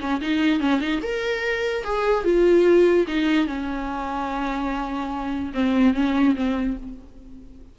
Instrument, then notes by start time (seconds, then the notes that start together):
viola
0.00 C#4
0.21 D#4
0.60 C#4
0.80 D#4
1.02 A#4
1.84 G#4
2.24 F4
3.07 D#4
3.46 C#4
5.54 C4
5.94 C#4
6.35 C4